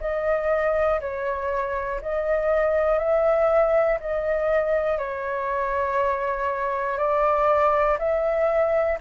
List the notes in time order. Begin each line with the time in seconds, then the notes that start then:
0.00 D#5
1.00 C#5
2.01 D#5
2.98 E5
4.00 D#5
4.98 C#5
6.98 D5
7.99 E5